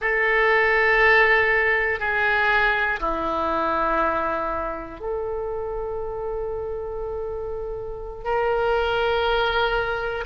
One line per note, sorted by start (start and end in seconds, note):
0.00 1.99 A4
1.99 2.99 G#4
3.00 5.00 E4
5.00 8.24 A4
8.24 10.24 A#4